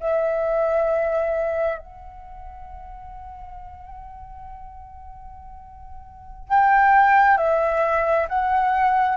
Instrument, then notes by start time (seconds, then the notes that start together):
flute
0.00 E5
1.79 F#5
6.49 G5
7.38 E5
8.28 F#5